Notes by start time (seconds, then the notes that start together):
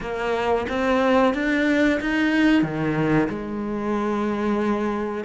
0.00 A#3
0.68 C4
1.34 D4
2.00 D#4
2.62 D#3
3.29 G#3